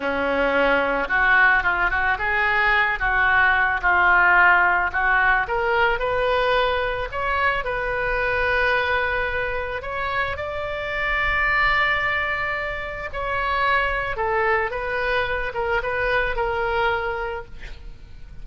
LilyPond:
\new Staff \with { instrumentName = "oboe" } { \time 4/4 \tempo 4 = 110 cis'2 fis'4 f'8 fis'8 | gis'4. fis'4. f'4~ | f'4 fis'4 ais'4 b'4~ | b'4 cis''4 b'2~ |
b'2 cis''4 d''4~ | d''1 | cis''2 a'4 b'4~ | b'8 ais'8 b'4 ais'2 | }